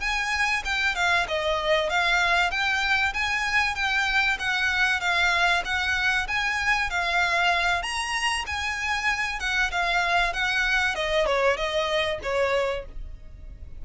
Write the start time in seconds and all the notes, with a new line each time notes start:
0.00 G#5
0.65 G5
0.95 F5
1.28 D#5
1.89 F5
2.51 G5
3.14 G#5
3.75 G5
4.39 F#5
5.01 F5
5.65 F#5
6.28 G#5
6.90 F5
7.82 A#5
8.46 G#5
9.39 F#5
9.71 F5
10.33 F#5
10.95 D#5
11.26 C#5
11.57 D#5
12.23 C#5